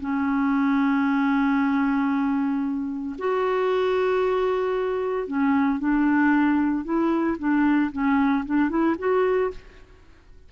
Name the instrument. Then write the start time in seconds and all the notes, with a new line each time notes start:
clarinet
0.00 C#4
3.18 F#4
5.27 C#4
5.79 D4
6.84 E4
7.38 D4
7.92 C#4
8.45 D4
8.69 E4
8.98 F#4